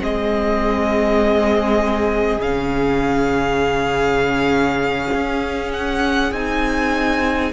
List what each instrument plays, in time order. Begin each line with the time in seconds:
0.00 cello G#3, viola C4, violin G#4 D#5
2.39 cello C#3, viola C#4, violin F5
5.14 cello C#4
5.73 violin F#5
6.32 cello C4, viola D#4, violin G#5